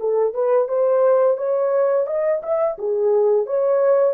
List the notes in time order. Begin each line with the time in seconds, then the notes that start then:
0.00 A4
0.34 B4
0.68 C5
1.38 C#5
2.07 D#5
2.43 E5
2.78 G#4
3.47 C#5